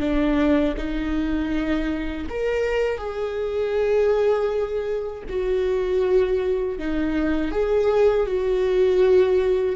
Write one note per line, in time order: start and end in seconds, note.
0.00 0.75 D4
0.77 2.27 D#4
2.29 2.98 A#4
2.98 5.23 G#4
5.29 6.79 F#4
6.79 7.51 D#4
7.51 8.26 G#4
8.27 9.76 F#4